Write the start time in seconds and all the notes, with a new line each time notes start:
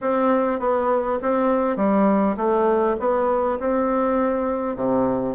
0.01 C4
0.59 B3
1.22 C4
1.76 G3
2.37 A3
2.99 B3
3.59 C4
4.76 C3